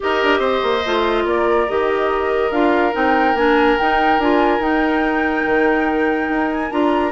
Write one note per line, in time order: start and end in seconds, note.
0.00 0.22 D#4
0.00 0.81 G4
0.00 0.39 A#4
0.00 1.27 D#5
0.22 0.39 D4
0.39 0.60 C4
0.39 1.23 C5
0.62 0.83 A#3
0.85 1.25 A3
0.85 1.67 F4
1.25 1.67 A#3
1.25 7.12 A#4
1.25 1.69 D5
1.67 2.50 D#3
1.67 2.51 G4
1.67 2.51 D#5
2.50 2.92 D4
2.50 2.92 F4
2.50 2.93 F5
2.92 3.34 C4
2.92 3.34 D#4
2.92 3.36 G5
3.34 3.76 A#3
3.34 3.78 D4
3.34 3.78 G#5
3.78 4.21 D#4
3.78 4.18 D#4
3.78 4.20 G5
4.18 4.59 D4
4.18 4.60 F4
4.18 4.62 G#5
4.59 5.43 D#4
4.59 6.70 D#4
4.59 6.50 G5
5.45 6.28 D#3
6.28 6.70 D#4
6.50 6.71 G#5
6.70 7.12 D4
6.70 7.12 F4
6.70 7.12 A#5